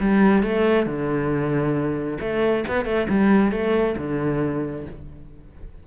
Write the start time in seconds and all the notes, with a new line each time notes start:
0.00 G3
0.43 A3
0.86 D3
2.20 A3
2.68 B3
2.85 A3
3.09 G3
3.52 A3
3.98 D3